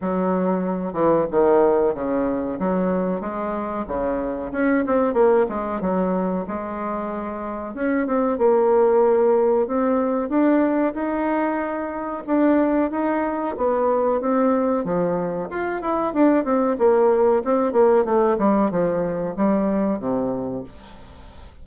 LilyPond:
\new Staff \with { instrumentName = "bassoon" } { \time 4/4 \tempo 4 = 93 fis4. e8 dis4 cis4 | fis4 gis4 cis4 cis'8 c'8 | ais8 gis8 fis4 gis2 | cis'8 c'8 ais2 c'4 |
d'4 dis'2 d'4 | dis'4 b4 c'4 f4 | f'8 e'8 d'8 c'8 ais4 c'8 ais8 | a8 g8 f4 g4 c4 | }